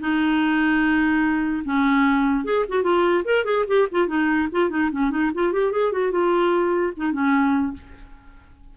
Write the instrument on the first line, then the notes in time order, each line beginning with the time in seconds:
clarinet
0.00 D#4
1.64 C#4
2.45 G#4
2.68 F#4
2.83 F4
3.25 A#4
3.45 G#4
3.67 G4
3.92 F4
4.08 D#4
4.52 F4
4.70 D#4
4.91 C#4
5.11 D#4
5.34 F4
5.53 G4
5.72 G#4
5.92 F#4
6.11 F4
6.96 D#4
7.12 C#4